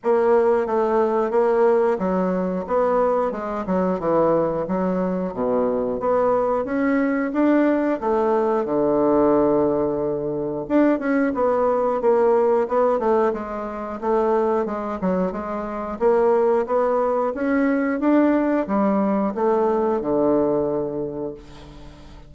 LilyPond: \new Staff \with { instrumentName = "bassoon" } { \time 4/4 \tempo 4 = 90 ais4 a4 ais4 fis4 | b4 gis8 fis8 e4 fis4 | b,4 b4 cis'4 d'4 | a4 d2. |
d'8 cis'8 b4 ais4 b8 a8 | gis4 a4 gis8 fis8 gis4 | ais4 b4 cis'4 d'4 | g4 a4 d2 | }